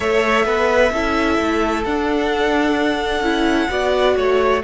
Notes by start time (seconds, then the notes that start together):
0.00 A3 A4 C#5 E5
0.45 B3 B4
0.92 C#4 E4 A4
1.38 A3
1.84 D4 F#5
3.20 C#4 E4
3.68 B3 F#4 D5
4.16 A3 C#5